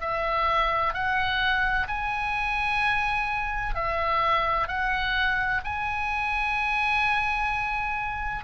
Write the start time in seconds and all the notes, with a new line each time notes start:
0.00 E5
0.93 F#5
1.87 G#5
3.75 E5
4.67 F#5
5.64 G#5